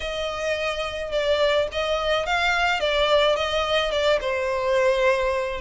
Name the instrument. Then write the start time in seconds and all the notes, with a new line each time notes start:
violin
0.00 D#5
1.11 D5
1.72 D#5
2.26 F5
2.80 D5
3.35 D#5
3.91 D5
4.20 C5